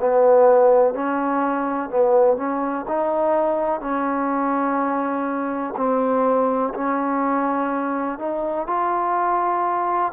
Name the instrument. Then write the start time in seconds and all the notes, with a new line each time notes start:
trombone
0.00 B3
0.94 C#4
1.90 B3
2.37 C#4
2.87 D#4
3.80 C#4
5.76 C4
6.74 C#4
8.19 D#4
8.67 F4